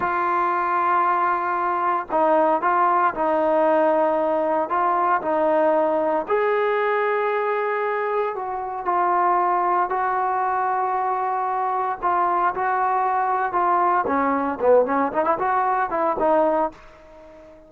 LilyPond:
\new Staff \with { instrumentName = "trombone" } { \time 4/4 \tempo 4 = 115 f'1 | dis'4 f'4 dis'2~ | dis'4 f'4 dis'2 | gis'1 |
fis'4 f'2 fis'4~ | fis'2. f'4 | fis'2 f'4 cis'4 | b8 cis'8 dis'16 e'16 fis'4 e'8 dis'4 | }